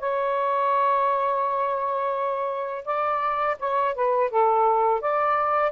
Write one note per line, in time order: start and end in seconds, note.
0.00 2.86 C#5
2.86 3.57 D5
3.60 3.95 C#5
3.95 4.31 B4
4.31 5.01 A4
5.01 5.72 D5